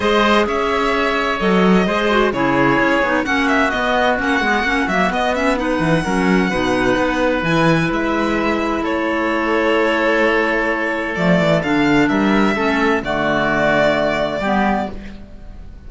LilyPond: <<
  \new Staff \with { instrumentName = "violin" } { \time 4/4 \tempo 4 = 129 dis''4 e''2 dis''4~ | dis''4 cis''2 fis''8 e''8 | dis''4 fis''4. e''8 dis''8 e''8 | fis''1 |
gis''4 e''2 cis''4~ | cis''1 | d''4 f''4 e''2 | d''1 | }
  \new Staff \with { instrumentName = "oboe" } { \time 4/4 c''4 cis''2. | c''4 gis'2 fis'4~ | fis'1 | b'4 ais'4 b'2~ |
b'2. a'4~ | a'1~ | a'2 ais'4 a'4 | fis'2. g'4 | }
  \new Staff \with { instrumentName = "clarinet" } { \time 4/4 gis'2. a'4 | gis'8 fis'8 e'4. dis'8 cis'4 | b4 cis'8 b8 cis'8 ais8 b8 cis'8 | dis'4 cis'4 dis'2 |
e'1~ | e'1 | a4 d'2 cis'4 | a2. b4 | }
  \new Staff \with { instrumentName = "cello" } { \time 4/4 gis4 cis'2 fis4 | gis4 cis4 cis'8 b8 ais4 | b4 ais8 gis8 ais8 fis8 b4~ | b8 e8 fis4 b,4 b4 |
e4 gis2 a4~ | a1 | f8 e8 d4 g4 a4 | d2. g4 | }
>>